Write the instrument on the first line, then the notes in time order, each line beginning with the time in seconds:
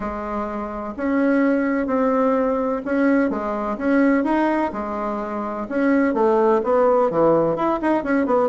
bassoon
0.00 G#3
0.96 C#4
1.87 C4
2.85 C#4
3.30 G#3
3.77 C#4
4.24 D#4
4.72 G#3
5.68 C#4
6.14 A3
6.63 B3
7.10 E3
7.56 E4
7.81 D#4
8.03 C#4
8.26 B3